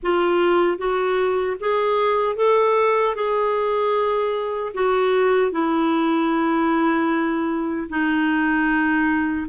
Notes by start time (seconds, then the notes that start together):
0.02 F4
0.78 F#4
1.60 G#4
2.36 A4
3.15 G#4
4.74 F#4
5.51 E4
7.89 D#4